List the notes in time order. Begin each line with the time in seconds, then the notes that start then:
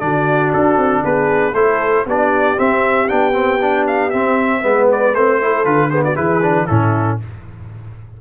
0.00 D3 D4 F#4 D5
0.53 D4 A4
0.77 C4
1.03 B3 G#4 B4
1.54 A3 E4 A4 C5
2.06 B3 D4 G4 D5
2.57 C4 E5
3.09 B3 D4 G5
3.33 C4
3.62 D4
3.88 F5
4.10 C4 E5
4.62 G#3 B3 B4
4.92 D5
5.15 A3 C4 C5
5.42 E4 A4
5.65 D3 F4 B4
5.90 B3 G#4 C5
6.04 F#4 D5
6.15 E3 E4 G#4 B4
6.43 D4
6.67 A2 C#4 E4 A4